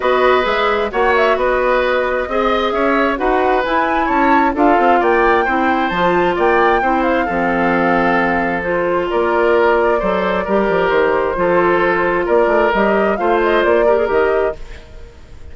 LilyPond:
<<
  \new Staff \with { instrumentName = "flute" } { \time 4/4 \tempo 4 = 132 dis''4 e''4 fis''8 e''8 dis''4~ | dis''2 e''4 fis''4 | gis''4 a''4 f''4 g''4~ | g''4 a''4 g''4. f''8~ |
f''2. c''4 | d''1 | c''2. d''4 | dis''4 f''8 dis''8 d''4 dis''4 | }
  \new Staff \with { instrumentName = "oboe" } { \time 4/4 b'2 cis''4 b'4~ | b'4 dis''4 cis''4 b'4~ | b'4 cis''4 a'4 d''4 | c''2 d''4 c''4 |
a'1 | ais'2 c''4 ais'4~ | ais'4 a'2 ais'4~ | ais'4 c''4. ais'4. | }
  \new Staff \with { instrumentName = "clarinet" } { \time 4/4 fis'4 gis'4 fis'2~ | fis'4 gis'2 fis'4 | e'2 f'2 | e'4 f'2 e'4 |
c'2. f'4~ | f'2 a'4 g'4~ | g'4 f'2. | g'4 f'4. g'16 gis'16 g'4 | }
  \new Staff \with { instrumentName = "bassoon" } { \time 4/4 b4 gis4 ais4 b4~ | b4 c'4 cis'4 dis'4 | e'4 cis'4 d'8 c'8 ais4 | c'4 f4 ais4 c'4 |
f1 | ais2 fis4 g8 f8 | dis4 f2 ais8 a8 | g4 a4 ais4 dis4 | }
>>